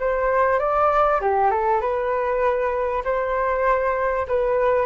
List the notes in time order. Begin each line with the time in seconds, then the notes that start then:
0.00 C5
0.59 D5
1.21 G4
1.51 A4
1.81 B4
3.05 C5
4.28 B4